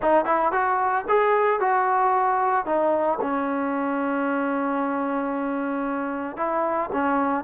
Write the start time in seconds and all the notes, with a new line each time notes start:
0.01 D#4
0.25 E4
0.51 F#4
1.08 G#4
1.60 F#4
2.65 D#4
3.21 C#4
6.36 E4
6.92 C#4